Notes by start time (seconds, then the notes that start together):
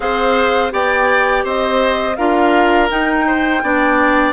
0.00 C4 G#4 C5 F5
0.70 B3 G4 D5 G5
1.44 C4 C5 D#5
2.16 D4 F4 A#4 F5
2.89 D#4 G5
3.26 C5
3.62 B3 D4 D5